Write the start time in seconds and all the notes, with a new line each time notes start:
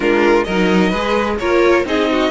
0.00 G#3 D4 F4 A#4
0.44 F#3 A#4 D#5
0.50 D#4
0.89 G#3 G#4 B4
1.39 A#3 F4 A#4 C#5
1.84 C4 D#4 G#4 D#5
2.11 F#4